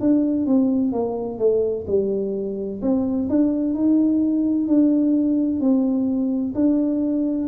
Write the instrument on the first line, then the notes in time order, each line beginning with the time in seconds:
tuba
0.00 D4
0.46 C4
0.92 A#3
1.38 A3
1.87 G3
2.82 C4
3.29 D4
3.74 D#4
4.67 D4
5.60 C4
6.55 D4